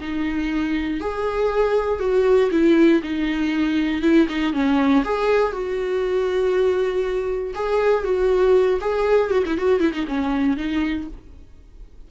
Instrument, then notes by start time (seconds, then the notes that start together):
viola
0.00 D#4
1.00 G#4
1.99 F#4
2.51 E4
3.02 D#4
4.02 E4
4.28 D#4
4.53 C#4
5.04 G#4
5.52 F#4
7.54 G#4
8.04 F#4
8.80 G#4
9.30 F#4
9.46 E4
9.57 F#4
9.80 E4
9.93 D#4
10.07 C#4
10.56 D#4